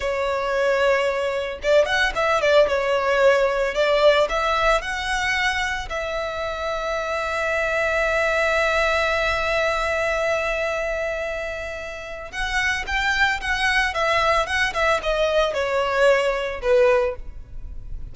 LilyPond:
\new Staff \with { instrumentName = "violin" } { \time 4/4 \tempo 4 = 112 cis''2. d''8 fis''8 | e''8 d''8 cis''2 d''4 | e''4 fis''2 e''4~ | e''1~ |
e''1~ | e''2. fis''4 | g''4 fis''4 e''4 fis''8 e''8 | dis''4 cis''2 b'4 | }